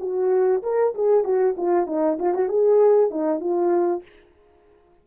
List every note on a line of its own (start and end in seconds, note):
0.00 0.62 F#4
0.63 0.94 A#4
0.95 1.24 G#4
1.24 1.56 F#4
1.57 1.87 F4
1.87 2.18 D#4
2.19 2.34 F4
2.34 2.49 F#4
2.49 3.11 G#4
3.11 3.40 D#4
3.40 4.03 F4